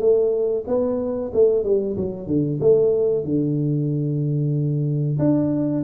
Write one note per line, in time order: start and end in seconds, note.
0.00 0.65 A3
0.67 1.32 B3
1.34 1.64 A3
1.64 1.96 G3
1.96 2.27 F#3
2.27 2.59 D3
2.61 3.25 A3
3.25 5.18 D3
5.19 5.84 D4